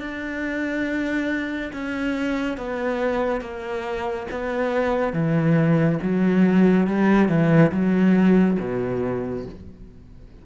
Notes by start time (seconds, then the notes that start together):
0.00 D4
1.73 C#4
2.58 B3
3.41 A#3
4.31 B3
5.13 E3
6.02 F#3
6.87 G3
7.29 E3
7.72 F#3
8.60 B2